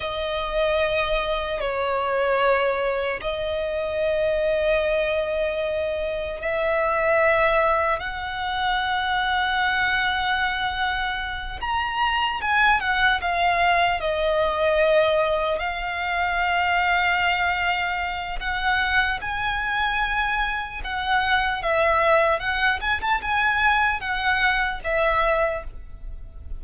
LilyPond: \new Staff \with { instrumentName = "violin" } { \time 4/4 \tempo 4 = 75 dis''2 cis''2 | dis''1 | e''2 fis''2~ | fis''2~ fis''8 ais''4 gis''8 |
fis''8 f''4 dis''2 f''8~ | f''2. fis''4 | gis''2 fis''4 e''4 | fis''8 gis''16 a''16 gis''4 fis''4 e''4 | }